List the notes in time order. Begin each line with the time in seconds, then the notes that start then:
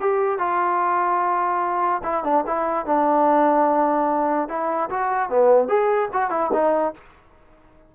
0.00 G4
0.38 F4
2.04 E4
2.24 D4
2.47 E4
2.86 D4
4.48 E4
4.90 F#4
5.29 B3
5.68 G#4
6.13 F#4
6.30 E4
6.53 D#4